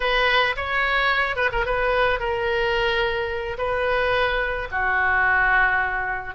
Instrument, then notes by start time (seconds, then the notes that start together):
oboe
0.00 B4
0.56 C#5
1.36 B4
1.52 A#4
1.65 B4
2.19 A#4
3.58 B4
4.71 F#4